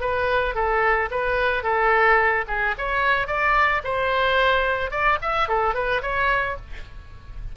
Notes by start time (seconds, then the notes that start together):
0.00 B4
0.54 A4
1.10 B4
1.63 A4
2.47 G#4
2.78 C#5
3.27 D5
3.84 C5
4.90 D5
5.21 E5
5.48 A4
5.74 B4
6.01 C#5